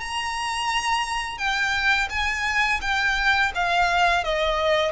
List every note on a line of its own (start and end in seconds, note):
0.00 1.37 A#5
1.37 2.08 G5
2.10 2.80 G#5
2.81 3.52 G5
3.55 4.24 F5
4.24 4.92 D#5